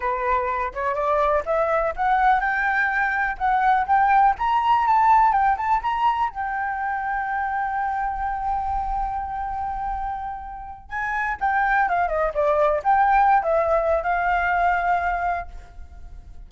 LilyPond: \new Staff \with { instrumentName = "flute" } { \time 4/4 \tempo 4 = 124 b'4. cis''8 d''4 e''4 | fis''4 g''2 fis''4 | g''4 ais''4 a''4 g''8 a''8 | ais''4 g''2.~ |
g''1~ | g''2~ g''8 gis''4 g''8~ | g''8 f''8 dis''8 d''4 g''4~ g''16 e''16~ | e''4 f''2. | }